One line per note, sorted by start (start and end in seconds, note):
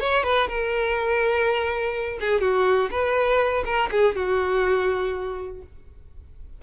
0.00 0.23 C#5
0.23 0.48 B4
0.48 2.19 A#4
2.20 2.41 G#4
2.41 2.90 F#4
2.91 3.64 B4
3.65 3.89 A#4
3.91 4.15 G#4
4.15 5.62 F#4